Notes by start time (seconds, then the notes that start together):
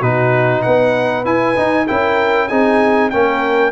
0.00 B2 D#4 F#4 B4
0.62 B3 B4 F#5
1.24 E4 G#5
1.56 D#4
1.87 C#4 E4 A#4 G5
2.48 C4 D#4 G#4 G#5
3.10 A#3 C#4 A#4 G5